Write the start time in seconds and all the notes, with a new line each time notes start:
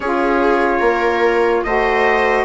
0.00 C#4 F4 G#4 C#5
0.79 A#3 A#4
1.63 A3 F#4 C5 D#5